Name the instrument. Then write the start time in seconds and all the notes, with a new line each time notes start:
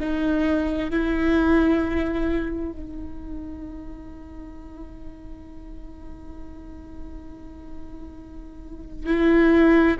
viola
0.00 D#4
0.90 E4
2.72 D#4
9.06 E4